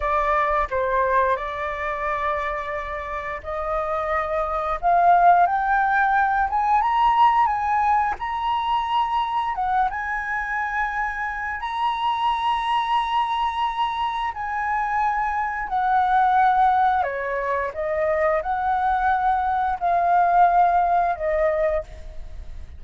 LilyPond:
\new Staff \with { instrumentName = "flute" } { \time 4/4 \tempo 4 = 88 d''4 c''4 d''2~ | d''4 dis''2 f''4 | g''4. gis''8 ais''4 gis''4 | ais''2 fis''8 gis''4.~ |
gis''4 ais''2.~ | ais''4 gis''2 fis''4~ | fis''4 cis''4 dis''4 fis''4~ | fis''4 f''2 dis''4 | }